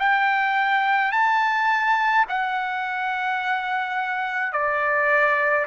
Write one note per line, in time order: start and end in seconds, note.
0.00 1.13 G5
1.13 2.26 A5
2.30 4.53 F#5
4.53 5.67 D5